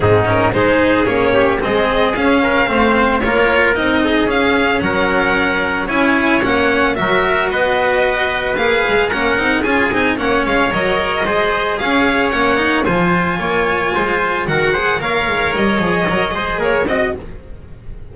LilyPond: <<
  \new Staff \with { instrumentName = "violin" } { \time 4/4 \tempo 4 = 112 gis'8 ais'8 c''4 cis''4 dis''4 | f''2 cis''4 dis''4 | f''4 fis''2 gis''4 | fis''4 e''4 dis''2 |
f''4 fis''4 gis''4 fis''8 f''8 | dis''2 f''4 fis''4 | gis''2. fis''4 | f''4 dis''2 cis''8 dis''8 | }
  \new Staff \with { instrumentName = "trumpet" } { \time 4/4 dis'4 gis'4. g'8 gis'4~ | gis'8 ais'8 c''4 ais'4. gis'8~ | gis'4 ais'2 cis''4~ | cis''4 ais'4 b'2~ |
b'4 ais'4 gis'4 cis''4~ | cis''4 c''4 cis''2 | c''4 cis''4 c''4 ais'8 c''8 | cis''2~ cis''8 c''8 ais'8 dis''8 | }
  \new Staff \with { instrumentName = "cello" } { \time 4/4 c'8 cis'8 dis'4 cis'4 c'4 | cis'4 c'4 f'4 dis'4 | cis'2. e'4 | cis'4 fis'2. |
gis'4 cis'8 dis'8 f'8 dis'8 cis'4 | ais'4 gis'2 cis'8 dis'8 | f'2. fis'8 gis'8 | ais'4. gis'8 ais'8 gis'4 fis'8 | }
  \new Staff \with { instrumentName = "double bass" } { \time 4/4 gis,4 gis4 ais4 gis4 | cis'4 a4 ais4 c'4 | cis'4 fis2 cis'4 | ais4 fis4 b2 |
ais8 gis8 ais8 c'8 cis'8 c'8 ais8 gis8 | fis4 gis4 cis'4 ais4 | f4 ais4 gis4 dis4 | ais8 gis8 g8 f8 fis8 gis8 ais8 c'8 | }
>>